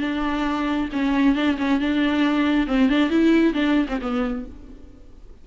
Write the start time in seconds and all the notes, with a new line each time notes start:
0.00 D4
0.92 C#4
1.35 D4
1.58 C#4
1.80 D4
2.67 C4
2.89 D4
3.10 E4
3.53 D4
3.88 C4
4.01 B3